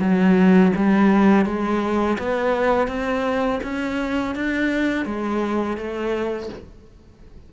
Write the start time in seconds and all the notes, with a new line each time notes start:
0.00 F#3
0.76 G3
1.46 G#3
2.19 B3
2.88 C4
3.64 C#4
4.36 D4
5.06 G#3
5.77 A3